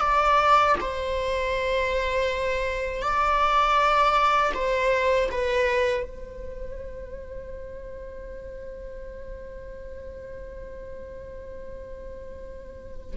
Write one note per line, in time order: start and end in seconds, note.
0.00 0.75 D5
0.81 3.02 C5
3.02 4.52 D5
4.54 5.29 C5
5.31 6.03 B4
6.03 13.16 C5